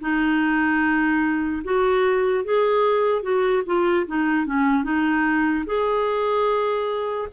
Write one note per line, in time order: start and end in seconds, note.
0.00 1.62 D#4
1.64 2.44 F#4
2.44 3.22 G#4
3.22 3.62 F#4
3.66 4.06 F4
4.07 4.46 D#4
4.46 4.84 C#4
4.84 5.65 D#4
5.66 7.28 G#4